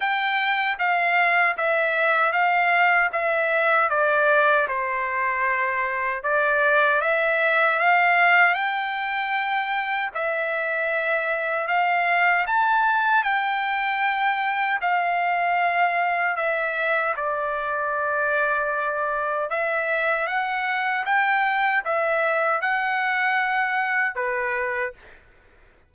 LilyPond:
\new Staff \with { instrumentName = "trumpet" } { \time 4/4 \tempo 4 = 77 g''4 f''4 e''4 f''4 | e''4 d''4 c''2 | d''4 e''4 f''4 g''4~ | g''4 e''2 f''4 |
a''4 g''2 f''4~ | f''4 e''4 d''2~ | d''4 e''4 fis''4 g''4 | e''4 fis''2 b'4 | }